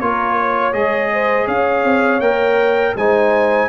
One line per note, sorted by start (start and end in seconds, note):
0.00 0.75 A#3
0.00 0.73 F4
0.00 0.37 A#4
0.00 0.73 C#5
0.38 1.12 C#5
0.73 1.47 G#3
0.73 2.22 G#4
0.73 1.48 D#5
1.13 1.47 C5
1.47 1.84 C#4
1.47 2.95 C#5
1.47 2.21 F5
1.84 2.20 C4
2.20 2.94 A#3
2.20 2.96 A#4
2.20 2.95 G5
2.96 3.70 G#3
2.96 3.70 D#4
2.96 3.70 C5
2.96 3.70 G#5